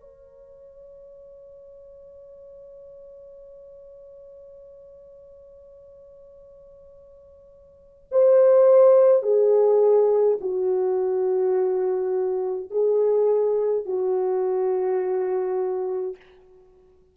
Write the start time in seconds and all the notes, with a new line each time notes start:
0.00 C#5
8.11 C5
9.22 G#4
10.41 F#4
12.70 G#4
13.85 F#4